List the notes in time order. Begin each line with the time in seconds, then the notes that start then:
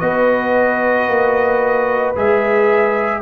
0.00 B3 F#4 B4 D#5
1.08 A#3
2.15 G#3 G#4 E5